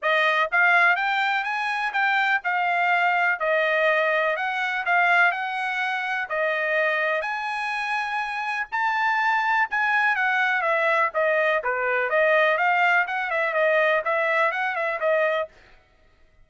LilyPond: \new Staff \with { instrumentName = "trumpet" } { \time 4/4 \tempo 4 = 124 dis''4 f''4 g''4 gis''4 | g''4 f''2 dis''4~ | dis''4 fis''4 f''4 fis''4~ | fis''4 dis''2 gis''4~ |
gis''2 a''2 | gis''4 fis''4 e''4 dis''4 | b'4 dis''4 f''4 fis''8 e''8 | dis''4 e''4 fis''8 e''8 dis''4 | }